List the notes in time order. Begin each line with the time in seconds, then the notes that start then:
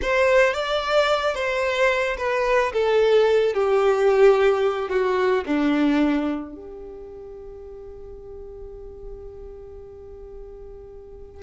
0.01 C5
0.53 D5
1.35 C5
2.17 B4
2.72 A4
3.54 G4
4.89 F#4
5.46 D4
6.54 G4